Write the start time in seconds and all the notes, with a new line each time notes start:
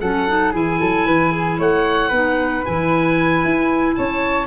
0.00 F#3 C#4 A4 F#5
0.27 D#4
0.52 E3 E4 G#4 G#5
0.80 F#3 A4
1.06 E3 B4
1.31 G#4
1.59 A3 C#5 F#5
2.08 B3 D#4 B4
2.64 E3 E4 G#5
3.44 E4
3.95 C#4 C#5 A5